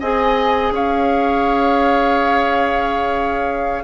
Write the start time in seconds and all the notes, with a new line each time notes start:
0.00 C4 G#4 D#5 G#5
0.72 C#4 C#5 F5